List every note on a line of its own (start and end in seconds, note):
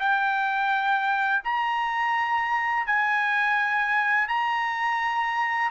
0.00 1.43 G5
1.44 2.87 A#5
2.87 4.28 G#5
4.28 5.71 A#5